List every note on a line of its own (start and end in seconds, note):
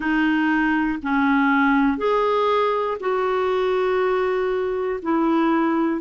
0.00 0.99 D#4
1.02 1.97 C#4
1.97 2.97 G#4
3.00 5.00 F#4
5.02 6.01 E4